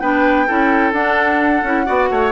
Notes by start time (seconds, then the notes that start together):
0.00 B3 D4 B4 G5
0.47 C#4 E4 A4
0.93 D4 F#5
1.63 C#4 E4
1.86 B3 F#4 D5
2.11 A3 C#5